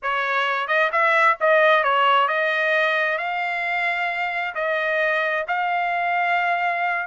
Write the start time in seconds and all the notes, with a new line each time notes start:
0.02 C#5
0.67 D#5
0.92 E5
1.40 D#5
1.83 C#5
2.27 D#5
3.18 F5
4.55 D#5
5.47 F5